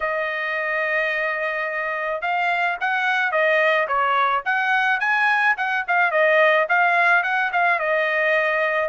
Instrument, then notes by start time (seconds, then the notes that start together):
trumpet
0.00 D#5
2.21 F5
2.80 F#5
3.31 D#5
3.87 C#5
4.45 F#5
5.00 G#5
5.57 F#5
5.87 F5
6.11 D#5
6.68 F5
7.23 F#5
7.52 F5
7.79 D#5